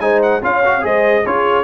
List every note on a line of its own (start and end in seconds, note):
0.00 0.41 G#3
0.00 0.42 D#4
0.00 0.43 C5
0.00 0.21 G#5
0.23 0.43 F#5
0.43 0.84 C#4
0.43 0.63 F4
0.43 0.84 C#5
0.43 0.85 F5
0.65 0.81 F#4
0.81 1.25 G#3
0.81 1.22 G#4
0.81 1.25 C5
0.81 1.26 D#5
1.26 1.65 C#4
1.26 1.65 F4
1.26 1.65 G#4
1.26 1.65 C#5